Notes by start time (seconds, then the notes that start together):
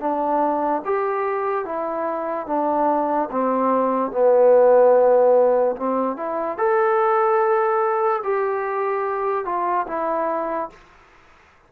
0.00 D4
0.85 G4
1.65 E4
2.47 D4
3.31 C4
4.12 B3
5.76 C4
6.17 E4
6.58 A4
8.23 G4
9.45 F4
9.87 E4